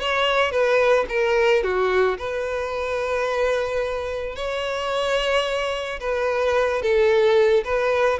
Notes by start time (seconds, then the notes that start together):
0.00 C#5
0.51 B4
1.09 A#4
1.63 F#4
2.18 B4
4.36 C#5
6.00 B4
6.82 A4
7.64 B4